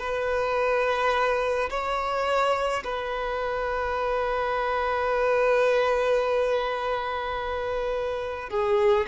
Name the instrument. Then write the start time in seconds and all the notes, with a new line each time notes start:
violin
0.00 B4
1.70 C#5
2.85 B4
8.50 G#4